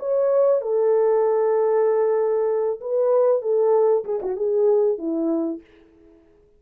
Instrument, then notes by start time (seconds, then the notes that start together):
horn
0.00 C#5
0.62 A4
2.81 B4
3.42 A4
4.05 G#4
4.23 F#4
4.37 G#4
4.99 E4